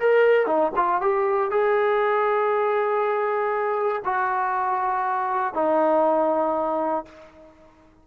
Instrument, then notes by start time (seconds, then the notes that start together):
trombone
0.00 A#4
0.47 D#4
0.76 F4
1.02 G4
1.51 G#4
4.05 F#4
5.54 D#4